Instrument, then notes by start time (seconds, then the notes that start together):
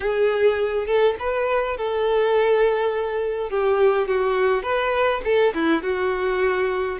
violin
0.00 G#4
0.86 A4
1.19 B4
1.77 A4
3.50 G4
4.07 F#4
4.62 B4
5.24 A4
5.54 E4
5.82 F#4